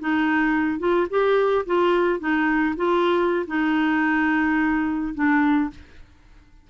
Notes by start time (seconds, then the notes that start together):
0.00 D#4
0.79 F4
1.10 G4
1.66 F4
2.20 D#4
2.77 F4
3.47 D#4
5.14 D4